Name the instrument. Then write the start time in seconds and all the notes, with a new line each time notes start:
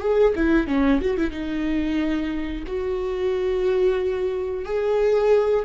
viola
0.00 G#4
0.35 E4
0.67 C#4
1.01 F#4
1.17 E4
1.30 D#4
2.67 F#4
4.65 G#4